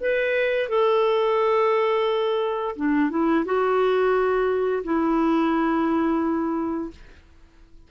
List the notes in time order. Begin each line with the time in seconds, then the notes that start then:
0.00 B4
0.68 A4
2.76 D4
3.10 E4
3.45 F#4
4.83 E4